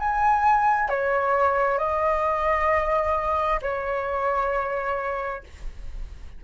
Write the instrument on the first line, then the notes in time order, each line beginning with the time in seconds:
flute
0.00 G#5
0.89 C#5
1.79 D#5
3.62 C#5